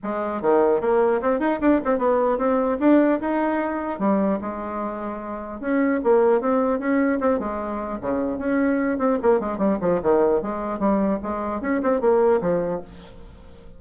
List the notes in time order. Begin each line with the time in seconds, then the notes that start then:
0.03 G#3
0.41 D#3
0.80 A#3
1.21 C4
1.39 D#4
1.61 D4
1.84 C4
1.98 B3
2.37 C4
2.79 D4
3.20 D#4
3.99 G3
4.41 G#3
5.60 C#4
6.03 A#3
6.40 C4
6.79 C#4
7.20 C4
7.39 G#3
8.01 C#3
8.38 C#4
8.98 C4
9.22 A#3
9.40 G#3
9.58 G3
9.80 F3
10.02 D#3
10.42 G#3
10.79 G3
11.23 G#3
11.61 C#4
11.82 C4
12.01 A#3
12.41 F3